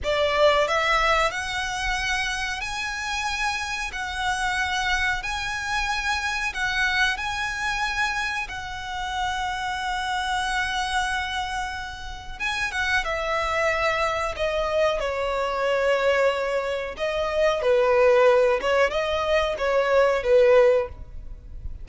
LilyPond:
\new Staff \with { instrumentName = "violin" } { \time 4/4 \tempo 4 = 92 d''4 e''4 fis''2 | gis''2 fis''2 | gis''2 fis''4 gis''4~ | gis''4 fis''2.~ |
fis''2. gis''8 fis''8 | e''2 dis''4 cis''4~ | cis''2 dis''4 b'4~ | b'8 cis''8 dis''4 cis''4 b'4 | }